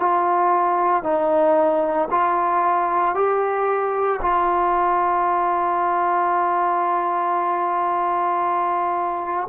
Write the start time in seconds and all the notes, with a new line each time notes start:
0.00 F4
1.03 D#4
2.11 F4
3.15 G4
4.22 F4